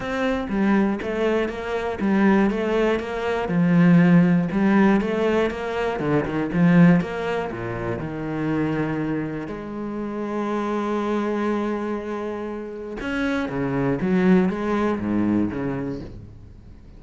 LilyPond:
\new Staff \with { instrumentName = "cello" } { \time 4/4 \tempo 4 = 120 c'4 g4 a4 ais4 | g4 a4 ais4 f4~ | f4 g4 a4 ais4 | d8 dis8 f4 ais4 ais,4 |
dis2. gis4~ | gis1~ | gis2 cis'4 cis4 | fis4 gis4 gis,4 cis4 | }